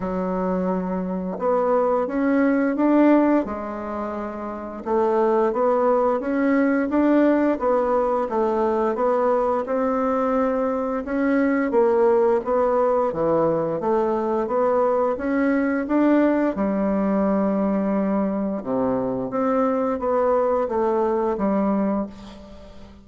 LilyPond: \new Staff \with { instrumentName = "bassoon" } { \time 4/4 \tempo 4 = 87 fis2 b4 cis'4 | d'4 gis2 a4 | b4 cis'4 d'4 b4 | a4 b4 c'2 |
cis'4 ais4 b4 e4 | a4 b4 cis'4 d'4 | g2. c4 | c'4 b4 a4 g4 | }